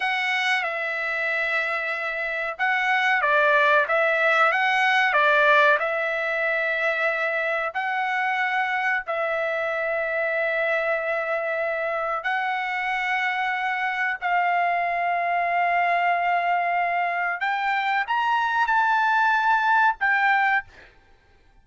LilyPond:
\new Staff \with { instrumentName = "trumpet" } { \time 4/4 \tempo 4 = 93 fis''4 e''2. | fis''4 d''4 e''4 fis''4 | d''4 e''2. | fis''2 e''2~ |
e''2. fis''4~ | fis''2 f''2~ | f''2. g''4 | ais''4 a''2 g''4 | }